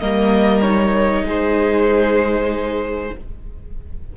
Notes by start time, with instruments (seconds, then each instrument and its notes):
0.00 cello G3, viola A#3, violin A#4 D#5
0.62 viola D#4, violin C#5
1.22 cello G#3, violin G#4
1.29 violin C5